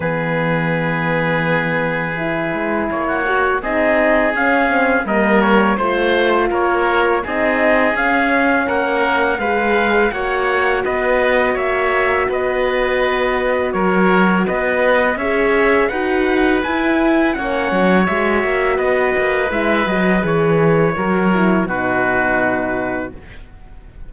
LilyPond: <<
  \new Staff \with { instrumentName = "trumpet" } { \time 4/4 \tempo 4 = 83 b'1 | cis''4 dis''4 f''4 dis''8 cis''8 | c''4 cis''4 dis''4 f''4 | fis''4 f''4 fis''4 dis''4 |
e''4 dis''2 cis''4 | dis''4 e''4 fis''4 gis''4 | fis''4 e''4 dis''4 e''8 dis''8 | cis''2 b'2 | }
  \new Staff \with { instrumentName = "oboe" } { \time 4/4 gis'1~ | gis'16 fis'8. gis'2 ais'4 | c''4 ais'4 gis'2 | ais'4 b'4 cis''4 b'4 |
cis''4 b'2 ais'4 | b'4 cis''4 b'2 | cis''2 b'2~ | b'4 ais'4 fis'2 | }
  \new Staff \with { instrumentName = "horn" } { \time 4/4 b2. e'4~ | e'8 fis'8 dis'4 cis'8 c'8 ais4 | f'2 dis'4 cis'4~ | cis'4 gis'4 fis'2~ |
fis'1~ | fis'4 gis'4 fis'4 e'4 | cis'4 fis'2 e'8 fis'8 | gis'4 fis'8 e'8 dis'2 | }
  \new Staff \with { instrumentName = "cello" } { \time 4/4 e2.~ e8 gis8 | ais4 c'4 cis'4 g4 | a4 ais4 c'4 cis'4 | ais4 gis4 ais4 b4 |
ais4 b2 fis4 | b4 cis'4 dis'4 e'4 | ais8 fis8 gis8 ais8 b8 ais8 gis8 fis8 | e4 fis4 b,2 | }
>>